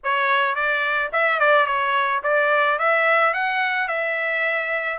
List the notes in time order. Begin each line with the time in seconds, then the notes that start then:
0.03 C#5
0.55 D5
1.12 E5
1.39 D5
1.66 C#5
2.23 D5
2.78 E5
3.33 F#5
3.88 E5